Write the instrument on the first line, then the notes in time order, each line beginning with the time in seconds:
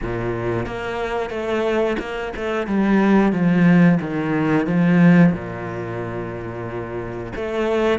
cello
0.02 A#2
0.66 A#3
1.30 A3
1.99 A#3
2.36 A3
2.67 G3
3.32 F3
4.00 D#3
4.66 F3
5.32 A#2
7.35 A3